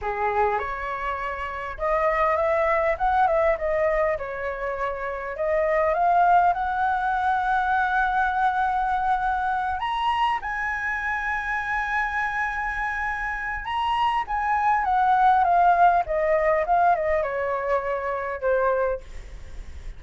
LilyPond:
\new Staff \with { instrumentName = "flute" } { \time 4/4 \tempo 4 = 101 gis'4 cis''2 dis''4 | e''4 fis''8 e''8 dis''4 cis''4~ | cis''4 dis''4 f''4 fis''4~ | fis''1~ |
fis''8 ais''4 gis''2~ gis''8~ | gis''2. ais''4 | gis''4 fis''4 f''4 dis''4 | f''8 dis''8 cis''2 c''4 | }